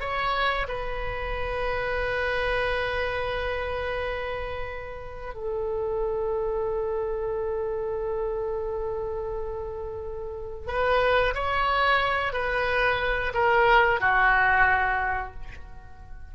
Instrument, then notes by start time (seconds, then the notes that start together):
oboe
0.00 C#5
0.68 B4
5.34 A4
10.67 B4
11.35 C#5
12.32 B4
13.34 A#4
14.00 F#4